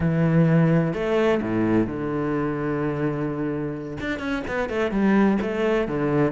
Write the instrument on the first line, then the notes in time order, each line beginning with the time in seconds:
cello
0.00 E3
0.93 A3
1.42 A2
1.86 D3
4.00 D4
4.19 C#4
4.47 B3
4.69 A3
4.91 G3
5.41 A3
5.87 D3